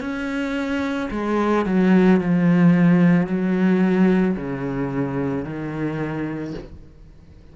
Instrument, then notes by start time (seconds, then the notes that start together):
cello
0.00 C#4
1.11 G#3
1.66 F#3
2.20 F3
3.27 F#3
4.36 C#3
5.44 D#3